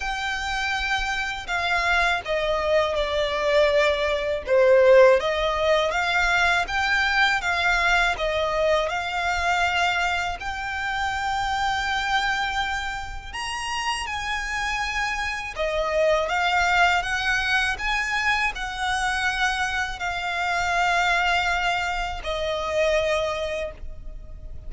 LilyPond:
\new Staff \with { instrumentName = "violin" } { \time 4/4 \tempo 4 = 81 g''2 f''4 dis''4 | d''2 c''4 dis''4 | f''4 g''4 f''4 dis''4 | f''2 g''2~ |
g''2 ais''4 gis''4~ | gis''4 dis''4 f''4 fis''4 | gis''4 fis''2 f''4~ | f''2 dis''2 | }